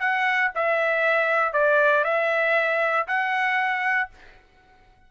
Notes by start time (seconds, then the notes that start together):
0.00 F#5
0.55 E5
1.54 D5
2.05 E5
3.08 F#5